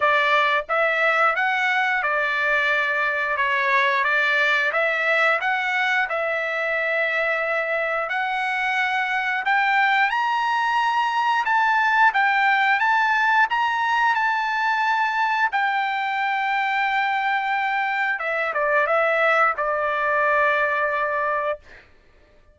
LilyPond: \new Staff \with { instrumentName = "trumpet" } { \time 4/4 \tempo 4 = 89 d''4 e''4 fis''4 d''4~ | d''4 cis''4 d''4 e''4 | fis''4 e''2. | fis''2 g''4 ais''4~ |
ais''4 a''4 g''4 a''4 | ais''4 a''2 g''4~ | g''2. e''8 d''8 | e''4 d''2. | }